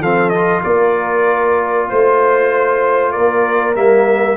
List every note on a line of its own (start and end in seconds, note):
0.00 0.62 F3
0.00 0.34 C4
0.00 0.63 A4
0.00 0.29 F5
0.29 3.75 F4
0.29 0.61 D#5
0.64 1.89 A#3
0.64 1.89 A#4
0.64 1.89 D5
1.89 3.16 A3
1.89 3.12 C5
3.12 3.75 A#3
3.12 4.37 A#4
3.12 3.74 D5
3.75 4.37 G3
3.75 4.37 A#3
3.75 4.37 E5